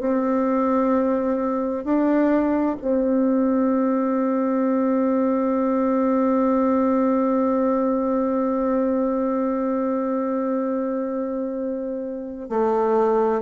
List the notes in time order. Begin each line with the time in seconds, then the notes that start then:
0.00 C4
1.84 D4
2.82 C4
12.50 A3